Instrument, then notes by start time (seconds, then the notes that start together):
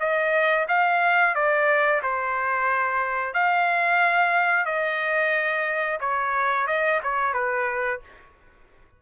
trumpet
0.00 D#5
0.69 F5
1.35 D5
2.03 C5
3.35 F5
4.66 D#5
6.01 C#5
6.68 D#5
7.03 C#5
7.34 B4